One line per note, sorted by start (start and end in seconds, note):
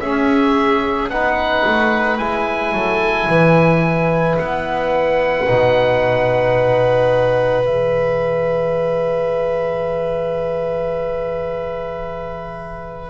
0.00 1.09 C#4
0.00 1.10 C#4
0.00 1.12 G#4
0.00 1.09 E5
1.09 1.64 B3
1.09 2.19 D#4
1.09 2.73 B4
1.09 2.18 F#5
1.67 2.19 A3
2.18 2.72 G#3
2.18 5.46 E4
2.18 4.36 G#5
2.72 3.27 F#3
2.72 3.28 A4
3.28 4.37 E3
3.28 13.10 B4
4.38 5.48 B3
4.38 7.66 F#5
5.47 7.67 B2
5.47 7.64 D#4
7.64 13.10 E3
7.64 13.10 G#4
7.64 13.10 E5